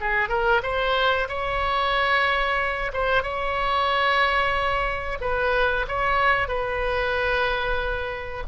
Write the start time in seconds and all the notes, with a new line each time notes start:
0.00 G#4
0.29 A#4
0.63 C5
1.28 C#5
2.93 C5
3.23 C#5
5.21 B4
5.88 C#5
6.48 B4